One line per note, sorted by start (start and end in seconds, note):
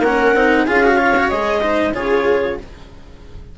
0.00 0.32 A#3
0.00 0.36 C#4
0.00 0.65 A#4
0.00 0.67 F#5
0.35 0.67 C4
0.35 0.68 D#4
0.66 1.32 C#4
0.66 0.83 F4
0.66 0.97 G#4
0.66 1.30 F5
0.83 0.98 F#4
0.97 1.14 F4
0.97 1.61 C#5
1.17 1.31 F#4
1.30 1.95 G#3
1.30 1.62 G#4
1.30 1.93 D#5
1.62 1.93 D#4
1.62 1.94 C5
1.94 2.58 C#3
1.94 2.58 F4
1.94 2.59 G#4
1.94 2.58 C#5